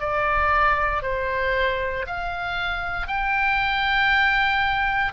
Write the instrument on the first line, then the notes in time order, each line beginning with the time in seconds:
oboe
0.00 D5
1.02 C5
2.07 F5
3.08 G5